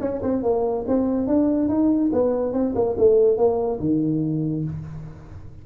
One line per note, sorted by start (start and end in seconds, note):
0.00 0.21 C#4
0.22 0.43 C4
0.43 0.85 A#3
0.87 1.27 C4
1.27 1.68 D4
1.68 2.11 D#4
2.13 2.53 B3
2.53 2.74 C4
2.75 2.96 A#3
2.98 3.37 A3
3.37 3.80 A#3
3.80 4.64 D#3